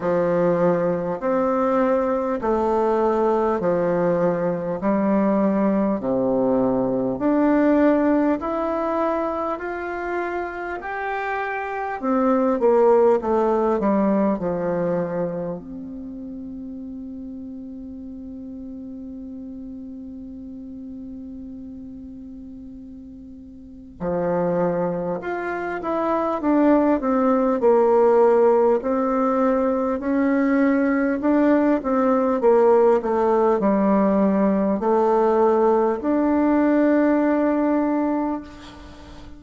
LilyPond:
\new Staff \with { instrumentName = "bassoon" } { \time 4/4 \tempo 4 = 50 f4 c'4 a4 f4 | g4 c4 d'4 e'4 | f'4 g'4 c'8 ais8 a8 g8 | f4 c'2.~ |
c'1 | f4 f'8 e'8 d'8 c'8 ais4 | c'4 cis'4 d'8 c'8 ais8 a8 | g4 a4 d'2 | }